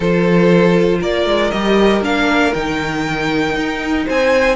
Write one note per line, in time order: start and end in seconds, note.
0.00 1.01 F3
0.00 1.52 F4
0.00 0.98 A4
0.00 1.02 C5
1.00 1.25 A#3
1.00 4.05 A#4
1.00 1.50 D5
1.25 1.51 G#3
1.50 2.01 G3
1.50 2.02 G4
1.50 2.01 D#5
2.01 2.51 A#3
2.01 2.53 D4
2.01 2.53 F5
2.53 3.56 D#3
2.53 4.55 D#4
2.53 4.06 G5
3.56 4.06 D#4
4.05 4.55 C4
4.05 4.55 C5
4.05 4.55 G#5